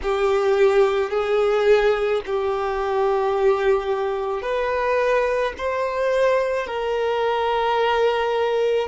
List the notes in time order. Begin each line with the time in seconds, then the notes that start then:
0.02 G4
1.10 G#4
2.25 G4
4.41 B4
5.57 C5
6.67 A#4